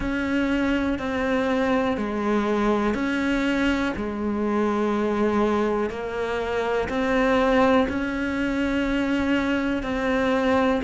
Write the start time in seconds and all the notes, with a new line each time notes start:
0.00 C#4
0.98 C4
1.97 G#3
2.94 C#4
3.96 G#3
5.90 A#3
6.89 C4
7.88 C#4
9.83 C4